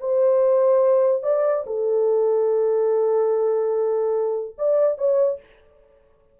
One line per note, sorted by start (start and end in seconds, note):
0.00 1.23 C5
1.23 1.64 D5
1.66 4.56 A4
4.58 4.98 D5
4.98 5.40 C#5